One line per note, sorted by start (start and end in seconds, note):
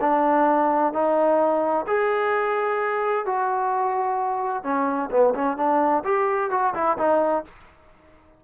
0.00 0.92 D4
0.92 1.85 D#4
1.86 3.25 G#4
3.25 4.63 F#4
4.63 5.10 C#4
5.10 5.33 B3
5.34 5.56 C#4
5.56 6.03 D4
6.04 6.50 G4
6.50 6.74 F#4
6.74 6.97 E4
6.97 7.44 D#4